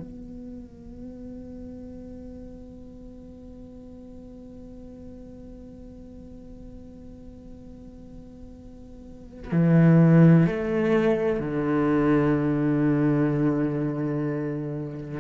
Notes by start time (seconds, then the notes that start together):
0.00 B3
9.52 E3
10.47 A3
11.40 D3